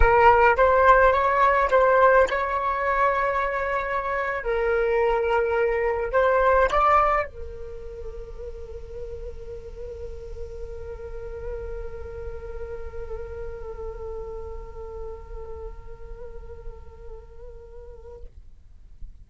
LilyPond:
\new Staff \with { instrumentName = "flute" } { \time 4/4 \tempo 4 = 105 ais'4 c''4 cis''4 c''4 | cis''2.~ cis''8. ais'16~ | ais'2~ ais'8. c''4 d''16~ | d''8. ais'2.~ ais'16~ |
ais'1~ | ais'1~ | ais'1~ | ais'1 | }